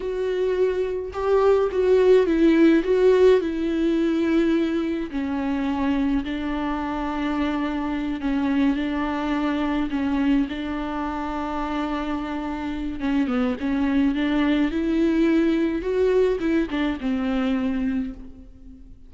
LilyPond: \new Staff \with { instrumentName = "viola" } { \time 4/4 \tempo 4 = 106 fis'2 g'4 fis'4 | e'4 fis'4 e'2~ | e'4 cis'2 d'4~ | d'2~ d'8 cis'4 d'8~ |
d'4. cis'4 d'4.~ | d'2. cis'8 b8 | cis'4 d'4 e'2 | fis'4 e'8 d'8 c'2 | }